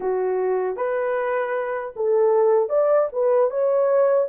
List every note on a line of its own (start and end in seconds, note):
0.00 0.76 F#4
0.76 1.93 B4
1.96 2.69 A4
2.69 3.08 D5
3.12 3.50 B4
3.50 4.28 C#5